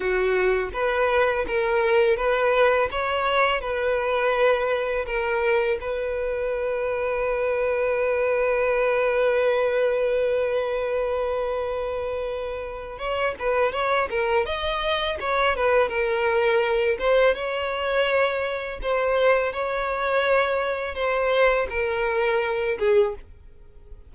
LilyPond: \new Staff \with { instrumentName = "violin" } { \time 4/4 \tempo 4 = 83 fis'4 b'4 ais'4 b'4 | cis''4 b'2 ais'4 | b'1~ | b'1~ |
b'2 cis''8 b'8 cis''8 ais'8 | dis''4 cis''8 b'8 ais'4. c''8 | cis''2 c''4 cis''4~ | cis''4 c''4 ais'4. gis'8 | }